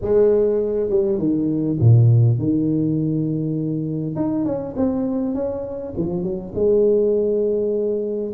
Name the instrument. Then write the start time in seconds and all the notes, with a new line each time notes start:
tuba
0.01 G#3
0.89 G3
1.18 D#3
1.80 A#2
2.38 D#3
4.15 D#4
4.45 C#4
4.76 C4
5.34 C#4
5.97 F3
6.23 F#3
6.55 G#3